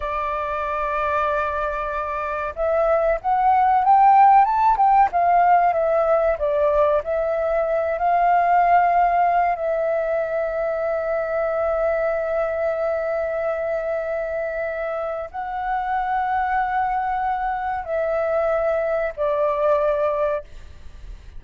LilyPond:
\new Staff \with { instrumentName = "flute" } { \time 4/4 \tempo 4 = 94 d''1 | e''4 fis''4 g''4 a''8 g''8 | f''4 e''4 d''4 e''4~ | e''8 f''2~ f''8 e''4~ |
e''1~ | e''1 | fis''1 | e''2 d''2 | }